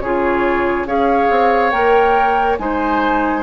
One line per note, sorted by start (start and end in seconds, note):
0.00 0.85 C#3
0.00 0.86 F4
0.00 0.87 G#4
0.00 0.86 C#5
0.85 1.28 C#4
0.85 1.71 G#4
0.85 2.59 C#5
0.85 1.70 F5
1.30 1.72 C4
1.70 2.58 A#3
1.70 2.57 A#4
1.70 2.56 G5
2.58 3.43 G#3
2.58 3.43 D#4
2.58 3.43 C5
2.58 3.43 G#5